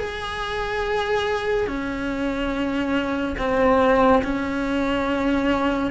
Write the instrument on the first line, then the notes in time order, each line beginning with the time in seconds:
cello
0.00 G#4
1.67 C#4
3.38 C4
4.24 C#4